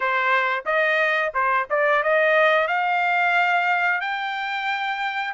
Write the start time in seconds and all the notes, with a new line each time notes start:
0.00 C5
0.65 D#5
1.33 C5
1.69 D5
2.03 D#5
2.67 F5
4.00 G5